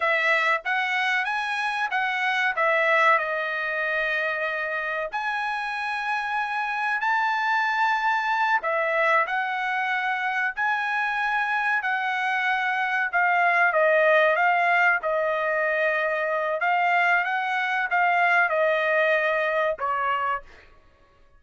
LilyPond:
\new Staff \with { instrumentName = "trumpet" } { \time 4/4 \tempo 4 = 94 e''4 fis''4 gis''4 fis''4 | e''4 dis''2. | gis''2. a''4~ | a''4. e''4 fis''4.~ |
fis''8 gis''2 fis''4.~ | fis''8 f''4 dis''4 f''4 dis''8~ | dis''2 f''4 fis''4 | f''4 dis''2 cis''4 | }